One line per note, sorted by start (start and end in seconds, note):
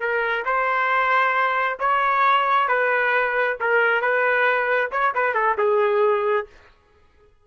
0.00 0.44 A#4
0.45 1.78 C5
1.79 2.68 C#5
2.68 3.57 B4
3.60 4.01 A#4
4.01 4.90 B4
4.92 5.14 C#5
5.15 5.34 B4
5.34 5.57 A4
5.58 6.47 G#4